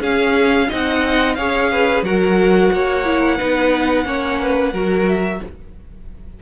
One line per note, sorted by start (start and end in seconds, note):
0.00 0.67 C#4
0.00 0.69 C#4
0.00 0.67 G#4
0.00 0.70 F5
0.69 1.38 C4
0.69 1.37 D#4
0.69 1.36 D#5
0.69 1.35 F#5
1.35 2.03 C#4
1.35 2.05 G#4
1.35 1.71 C#5
1.35 2.02 F5
1.71 2.05 B4
2.03 2.70 F#3
2.03 3.05 F#4
2.03 2.72 A#4
2.03 5.08 F#5
2.73 3.40 A#3
2.73 3.37 C#5
3.05 3.39 E4
3.37 4.05 B3
3.37 4.05 D#4
3.37 4.04 B4
4.05 4.73 A#3
4.05 4.72 C#4
4.05 4.41 C#5
4.41 4.73 B4
4.73 5.40 F#3
4.73 5.42 F#4
4.73 5.40 A#4
5.08 5.42 E5